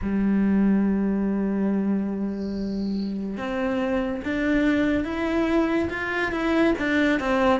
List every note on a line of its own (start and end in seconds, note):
0.02 3.37 G3
3.37 4.21 C4
4.24 5.04 D4
5.04 5.88 E4
5.89 6.31 F4
6.31 6.74 E4
6.78 7.19 D4
7.19 7.60 C4